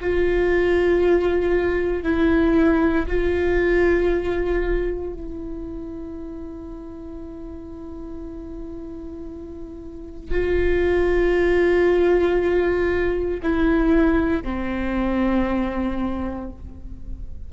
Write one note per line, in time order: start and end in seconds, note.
0.00 2.03 F4
2.03 3.06 E4
3.07 5.13 F4
5.13 10.30 E4
10.30 13.41 F4
13.42 14.43 E4
14.43 16.50 C4